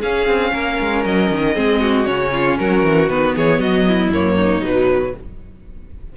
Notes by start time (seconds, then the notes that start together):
0.00 C#4 G#4 F5
0.27 C4
0.53 A#3 A#4
0.80 G#3
1.05 F#3 D#5
1.31 D#3
1.55 G#3 C4 G#4
1.80 F#4
2.05 C#3 C#4 C#5
2.33 F4
2.58 F#3 F#4 A#4
2.83 E3
3.09 D#3 B3 B4
3.36 E3 G#4 C#5
3.59 F#3 F#4 D#5
3.88 E4
4.09 F#2 A#3 C#5
4.36 D#4
4.62 B2 F#3 B4